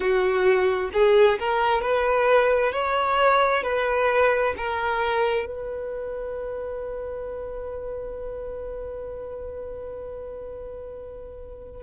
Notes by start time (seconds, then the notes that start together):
0.00 F#4
0.93 G#4
1.39 A#4
1.81 B4
2.72 C#5
3.63 B4
4.57 A#4
5.45 B4